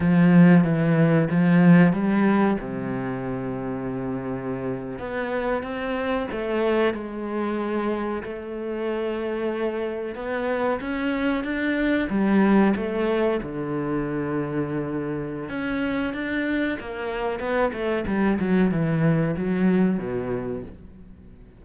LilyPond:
\new Staff \with { instrumentName = "cello" } { \time 4/4 \tempo 4 = 93 f4 e4 f4 g4 | c2.~ c8. b16~ | b8. c'4 a4 gis4~ gis16~ | gis8. a2. b16~ |
b8. cis'4 d'4 g4 a16~ | a8. d2.~ d16 | cis'4 d'4 ais4 b8 a8 | g8 fis8 e4 fis4 b,4 | }